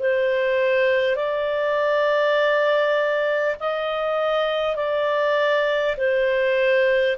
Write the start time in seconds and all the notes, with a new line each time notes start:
0.00 C5
1.16 D5
3.60 D#5
4.76 D5
5.98 C5